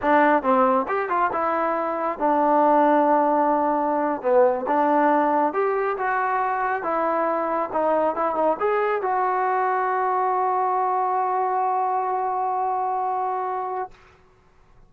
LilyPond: \new Staff \with { instrumentName = "trombone" } { \time 4/4 \tempo 4 = 138 d'4 c'4 g'8 f'8 e'4~ | e'4 d'2.~ | d'4.~ d'16 b4 d'4~ d'16~ | d'8. g'4 fis'2 e'16~ |
e'4.~ e'16 dis'4 e'8 dis'8 gis'16~ | gis'8. fis'2.~ fis'16~ | fis'1~ | fis'1 | }